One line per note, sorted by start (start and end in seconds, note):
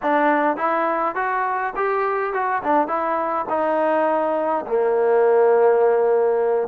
0.02 0.56 D4
0.56 1.15 E4
1.15 1.73 F#4
1.76 2.33 G4
2.33 2.62 F#4
2.63 2.87 D4
2.87 3.45 E4
3.49 4.65 D#4
4.66 6.68 A#3